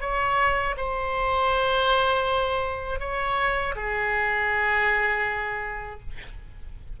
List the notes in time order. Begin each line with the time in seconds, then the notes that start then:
0.00 C#5
0.77 C5
2.99 C#5
3.75 G#4